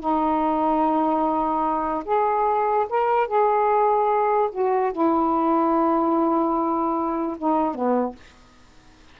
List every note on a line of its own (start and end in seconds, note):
0.00 2.04 D#4
2.05 2.87 G#4
2.90 3.27 A#4
3.27 4.50 G#4
4.52 4.92 F#4
4.92 7.37 E4
7.38 7.75 D#4
7.75 8.15 B3